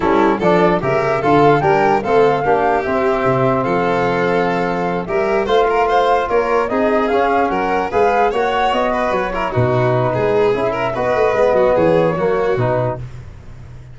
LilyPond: <<
  \new Staff \with { instrumentName = "flute" } { \time 4/4 \tempo 4 = 148 a'4 d''4 e''4 f''4 | g''4 f''2 e''4~ | e''4 f''2.~ | f''8 e''4 f''2 cis''8~ |
cis''8 dis''4 f''4 fis''4 f''8~ | f''8 fis''4 dis''4 cis''4 b'8~ | b'2 e''4 dis''4~ | dis''4 cis''2 b'4 | }
  \new Staff \with { instrumentName = "violin" } { \time 4/4 e'4 a'4 ais'4 a'4 | ais'4 a'4 g'2~ | g'4 a'2.~ | a'8 ais'4 c''8 ais'8 c''4 ais'8~ |
ais'8 gis'2 ais'4 b'8~ | b'8 cis''4. b'4 ais'8 fis'8~ | fis'4 gis'4. ais'8 b'4~ | b'8 fis'8 gis'4 fis'2 | }
  \new Staff \with { instrumentName = "trombone" } { \time 4/4 cis'4 d'4 g'4 f'4 | d'4 c'4 d'4 c'4~ | c'1~ | c'8 g'4 f'2~ f'8~ |
f'8 dis'4 cis'2 gis'8~ | gis'8 fis'2~ fis'8 e'8 dis'8~ | dis'2 e'4 fis'4 | b2 ais4 dis'4 | }
  \new Staff \with { instrumentName = "tuba" } { \time 4/4 g4 f4 cis4 d4 | g4 a4 ais4 c'4 | c4 f2.~ | f8 g4 a2 ais8~ |
ais8 c'4 cis'4 fis4 gis8~ | gis8 ais4 b4 fis4 b,8~ | b,4 gis4 cis'4 b8 a8 | gis8 fis8 e4 fis4 b,4 | }
>>